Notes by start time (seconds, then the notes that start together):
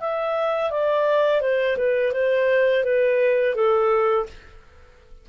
0.00 E5
0.70 D5
1.41 C5
1.77 B4
2.12 C5
2.84 B4
3.55 A4